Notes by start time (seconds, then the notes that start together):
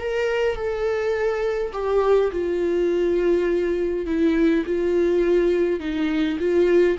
0.00 A#4
0.56 A4
1.73 G4
2.31 F4
4.06 E4
4.66 F4
5.80 D#4
6.39 F4